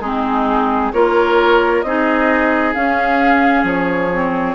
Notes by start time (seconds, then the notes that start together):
0.00 G#3 C4 D#4 G#4
0.92 A#3 F4 A#4 C#5
1.82 C4 D#4 G#4 D#5
2.73 C#4 F5
3.63 F3 C#5
4.12 C4